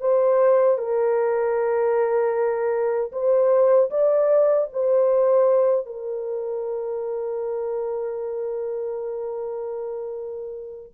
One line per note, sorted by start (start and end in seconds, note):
0.00 0.78 C5
0.78 3.11 A#4
3.12 3.90 C5
3.90 4.68 D5
4.72 5.85 C5
5.85 10.92 A#4